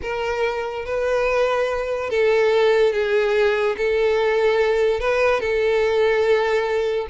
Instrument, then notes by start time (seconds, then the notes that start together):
violin
0.02 A#4
0.85 B4
2.10 A4
2.92 G#4
3.77 A4
5.00 B4
5.40 A4